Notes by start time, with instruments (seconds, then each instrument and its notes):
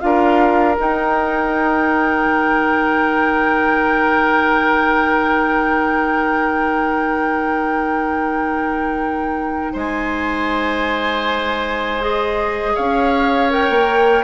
0.00 bassoon D4, clarinet F4, oboe A#4, flute F5
0.76 clarinet D#4, bassoon D#4, flute G5
2.25 bassoon D#3
9.73 bassoon G#3, oboe C5, flute G#5
12.01 clarinet G#4, flute D#5
12.75 bassoon C#4, oboe C#5, flute F5
13.50 clarinet A#4, flute G5
13.70 bassoon A#3